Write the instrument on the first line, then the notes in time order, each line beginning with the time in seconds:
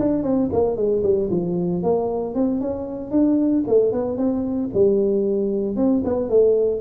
tuba
0.00 D4
0.23 C4
0.53 A#3
0.77 G#3
1.03 G3
1.31 F3
1.83 A#3
2.35 C4
2.61 C#4
3.11 D4
3.68 A3
3.93 B3
4.18 C4
4.74 G3
5.77 C4
6.05 B3
6.30 A3